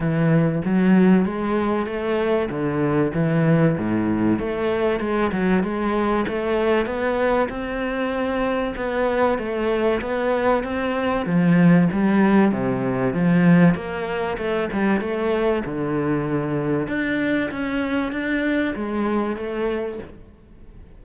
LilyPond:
\new Staff \with { instrumentName = "cello" } { \time 4/4 \tempo 4 = 96 e4 fis4 gis4 a4 | d4 e4 a,4 a4 | gis8 fis8 gis4 a4 b4 | c'2 b4 a4 |
b4 c'4 f4 g4 | c4 f4 ais4 a8 g8 | a4 d2 d'4 | cis'4 d'4 gis4 a4 | }